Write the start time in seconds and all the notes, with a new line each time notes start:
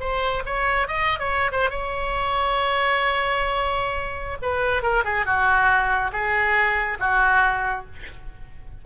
0.00 C5
0.46 C#5
0.88 D#5
1.19 C#5
1.52 C5
1.70 C#5
4.42 B4
4.82 A#4
5.05 G#4
5.26 F#4
6.12 G#4
7.00 F#4